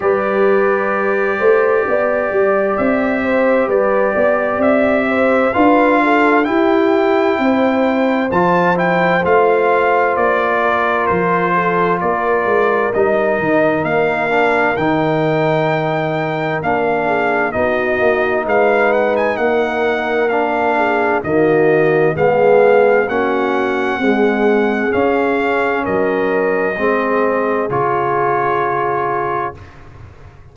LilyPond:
<<
  \new Staff \with { instrumentName = "trumpet" } { \time 4/4 \tempo 4 = 65 d''2. e''4 | d''4 e''4 f''4 g''4~ | g''4 a''8 g''8 f''4 d''4 | c''4 d''4 dis''4 f''4 |
g''2 f''4 dis''4 | f''8 fis''16 gis''16 fis''4 f''4 dis''4 | f''4 fis''2 f''4 | dis''2 cis''2 | }
  \new Staff \with { instrumentName = "horn" } { \time 4/4 b'4. c''8 d''4. c''8 | b'8 d''4 c''8 b'8 a'8 g'4 | c''2.~ c''8 ais'8~ | ais'8 a'8 ais'2.~ |
ais'2~ ais'8 gis'8 fis'4 | b'4 ais'4. gis'8 fis'4 | gis'4 fis'4 gis'2 | ais'4 gis'2. | }
  \new Staff \with { instrumentName = "trombone" } { \time 4/4 g'1~ | g'2 f'4 e'4~ | e'4 f'8 e'8 f'2~ | f'2 dis'4. d'8 |
dis'2 d'4 dis'4~ | dis'2 d'4 ais4 | b4 cis'4 gis4 cis'4~ | cis'4 c'4 f'2 | }
  \new Staff \with { instrumentName = "tuba" } { \time 4/4 g4. a8 b8 g8 c'4 | g8 b8 c'4 d'4 e'4 | c'4 f4 a4 ais4 | f4 ais8 gis8 g8 dis8 ais4 |
dis2 ais4 b8 ais8 | gis4 ais2 dis4 | gis4 ais4 c'4 cis'4 | fis4 gis4 cis2 | }
>>